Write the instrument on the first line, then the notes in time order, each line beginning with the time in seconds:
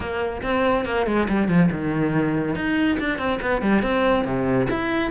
cello
0.00 A#3
0.42 C4
0.85 A#3
1.06 G#3
1.28 G3
1.48 F3
1.71 D#3
2.55 D#4
2.99 D4
3.18 C4
3.41 B3
3.61 G3
3.82 C4
4.25 C3
4.69 E4